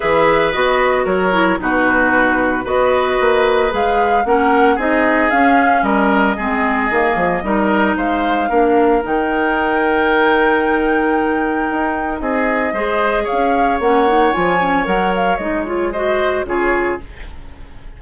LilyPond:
<<
  \new Staff \with { instrumentName = "flute" } { \time 4/4 \tempo 4 = 113 e''4 dis''4 cis''4 b'4~ | b'4 dis''2 f''4 | fis''4 dis''4 f''4 dis''4~ | dis''2. f''4~ |
f''4 g''2.~ | g''2. dis''4~ | dis''4 f''4 fis''4 gis''4 | fis''8 f''8 dis''8 cis''8 dis''4 cis''4 | }
  \new Staff \with { instrumentName = "oboe" } { \time 4/4 b'2 ais'4 fis'4~ | fis'4 b'2. | ais'4 gis'2 ais'4 | gis'2 ais'4 c''4 |
ais'1~ | ais'2. gis'4 | c''4 cis''2.~ | cis''2 c''4 gis'4 | }
  \new Staff \with { instrumentName = "clarinet" } { \time 4/4 gis'4 fis'4. e'8 dis'4~ | dis'4 fis'2 gis'4 | cis'4 dis'4 cis'2 | c'4 ais4 dis'2 |
d'4 dis'2.~ | dis'1 | gis'2 cis'8 dis'8 f'8 cis'8 | ais'4 dis'8 f'8 fis'4 f'4 | }
  \new Staff \with { instrumentName = "bassoon" } { \time 4/4 e4 b4 fis4 b,4~ | b,4 b4 ais4 gis4 | ais4 c'4 cis'4 g4 | gis4 dis8 f8 g4 gis4 |
ais4 dis2.~ | dis2 dis'4 c'4 | gis4 cis'4 ais4 f4 | fis4 gis2 cis4 | }
>>